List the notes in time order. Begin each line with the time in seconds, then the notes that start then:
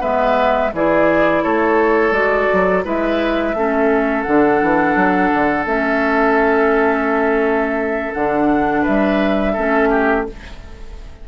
0.00 G#3 B3 B4 E5
0.73 E3 E4 G#4 D5
1.43 A3 A4 C#5
2.11 G#3 F#4 D5
2.53 F#3
2.84 G#3 E4 B4 E5
3.54 A3 C#4 A4
4.22 D3 D4 F#5
4.62 E3
4.95 F#3
5.34 D3
5.65 A3 C#4 E5
8.13 D3 D4 F#5
8.81 B4 E5
8.87 G3
9.53 A3 C#4 A4
9.90 G4